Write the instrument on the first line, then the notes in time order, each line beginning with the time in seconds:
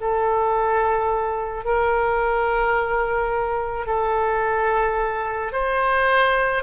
oboe
0.00 A4
1.64 A#4
3.86 A4
5.53 C5